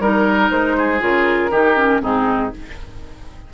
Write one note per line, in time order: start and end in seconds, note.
0.00 0.50 G3
0.00 1.00 D#4
0.00 0.77 A#4
0.00 0.51 A#4
0.51 1.02 G#3
0.51 1.02 C5
0.78 1.51 G#4
1.00 1.51 C#3
1.00 1.50 F4
1.00 2.03 A#4
1.51 2.01 D#3
1.51 1.77 D#4
1.51 2.02 G4
1.77 2.01 C#4
2.01 2.53 G#2
2.01 2.51 C4
2.01 2.53 D#4
2.01 2.54 G#4